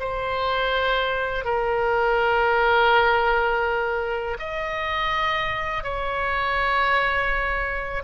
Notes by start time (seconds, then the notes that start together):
0.00 C5
1.45 A#4
4.40 D#5
5.84 C#5